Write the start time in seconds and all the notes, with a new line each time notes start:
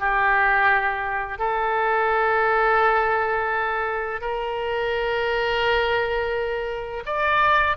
0.00 G4
1.39 A4
4.22 A#4
7.07 D5